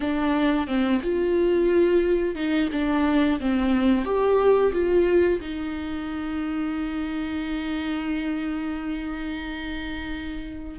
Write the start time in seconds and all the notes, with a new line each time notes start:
0.00 D4
0.67 C4
1.02 F4
2.35 D#4
2.72 D4
3.40 C4
4.04 G4
4.72 F4
5.40 D#4